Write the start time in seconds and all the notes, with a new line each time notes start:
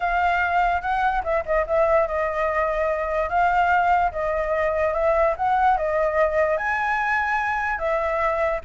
0.00 F5
0.81 F#5
1.23 E5
1.45 D#5
1.66 E5
2.07 D#5
3.29 F5
4.11 D#5
4.93 E5
5.36 F#5
5.77 D#5
6.57 G#5
7.78 E5